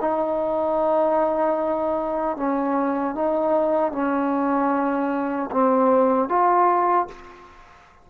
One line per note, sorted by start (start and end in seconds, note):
0.00 2.36 D#4
2.36 3.15 C#4
3.15 3.92 D#4
3.92 5.49 C#4
5.51 6.28 C4
6.28 7.07 F4